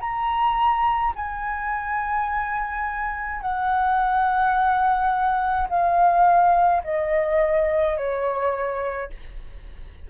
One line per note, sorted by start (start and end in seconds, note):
0.00 1.13 A#5
1.15 3.41 G#5
3.41 5.68 F#5
5.69 6.82 F5
6.84 7.97 D#5
7.97 9.10 C#5